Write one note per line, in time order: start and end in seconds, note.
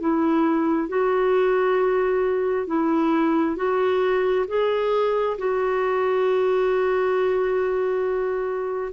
0.00 0.88 E4
0.88 2.67 F#4
2.67 3.56 E4
3.56 4.46 F#4
4.48 5.37 G#4
5.38 8.93 F#4